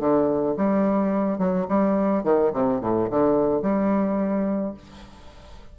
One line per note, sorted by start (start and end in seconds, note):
0.00 0.56 D3
0.57 1.39 G3
1.39 1.67 F#3
1.69 2.24 G3
2.24 2.52 D#3
2.54 2.81 C3
2.81 3.09 A2
3.10 3.62 D3
3.62 4.74 G3